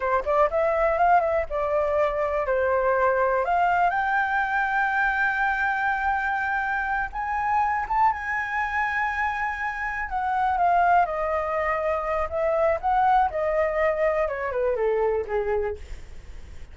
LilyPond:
\new Staff \with { instrumentName = "flute" } { \time 4/4 \tempo 4 = 122 c''8 d''8 e''4 f''8 e''8 d''4~ | d''4 c''2 f''4 | g''1~ | g''2~ g''8 gis''4. |
a''8 gis''2.~ gis''8~ | gis''8 fis''4 f''4 dis''4.~ | dis''4 e''4 fis''4 dis''4~ | dis''4 cis''8 b'8 a'4 gis'4 | }